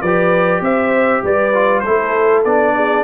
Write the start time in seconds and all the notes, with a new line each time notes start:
0.00 F3 G4 B4 D5
0.60 C4 C5 E5
1.23 G3 B4 D5
1.53 F4
1.79 A4 C5
1.86 A3 E4
2.44 B3 D4 D5
2.75 G#4